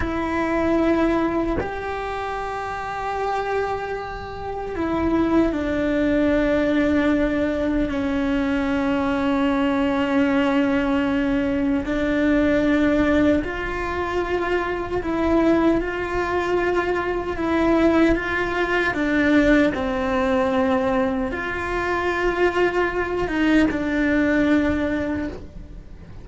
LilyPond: \new Staff \with { instrumentName = "cello" } { \time 4/4 \tempo 4 = 76 e'2 g'2~ | g'2 e'4 d'4~ | d'2 cis'2~ | cis'2. d'4~ |
d'4 f'2 e'4 | f'2 e'4 f'4 | d'4 c'2 f'4~ | f'4. dis'8 d'2 | }